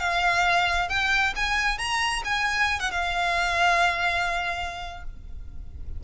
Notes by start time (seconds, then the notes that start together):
0.00 F5
0.90 G5
1.36 G#5
1.78 A#5
2.25 G#5
2.80 F#5
2.92 F5